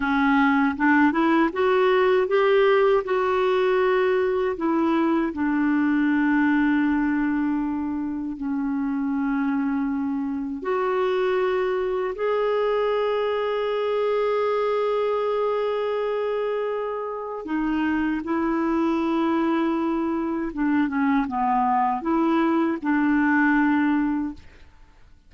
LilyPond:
\new Staff \with { instrumentName = "clarinet" } { \time 4/4 \tempo 4 = 79 cis'4 d'8 e'8 fis'4 g'4 | fis'2 e'4 d'4~ | d'2. cis'4~ | cis'2 fis'2 |
gis'1~ | gis'2. dis'4 | e'2. d'8 cis'8 | b4 e'4 d'2 | }